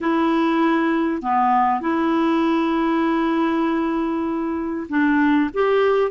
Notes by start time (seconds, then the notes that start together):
0.00 E4
1.22 B3
1.81 E4
4.89 D4
5.53 G4